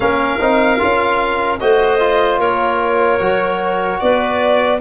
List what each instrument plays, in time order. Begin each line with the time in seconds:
0.00 tuba A#3, trombone C#4, clarinet A#4, violin F5
0.39 tuba C4, trombone D#4
0.78 tuba C#4, trombone F4
1.59 tuba A3, trombone F#4, clarinet C5, violin D#5
1.99 trombone F4
2.38 tuba A#3, clarinet A#4, violin C#5
3.19 tuba F#3, trombone F#4
4.00 tuba B3, clarinet B4, violin D5